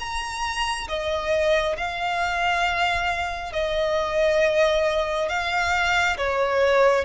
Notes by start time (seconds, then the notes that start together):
0.00 A#5
0.88 D#5
1.77 F5
3.53 D#5
5.29 F5
6.18 C#5